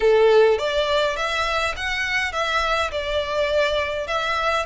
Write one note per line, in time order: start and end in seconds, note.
0.00 0.58 A4
0.58 1.16 D5
1.16 1.74 E5
1.76 2.32 F#5
2.32 2.90 E5
2.91 4.07 D5
4.07 4.65 E5